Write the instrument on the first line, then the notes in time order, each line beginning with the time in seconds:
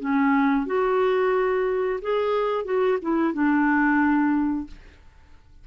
clarinet
0.00 C#4
0.66 F#4
2.02 G#4
2.65 F#4
3.02 E4
3.33 D4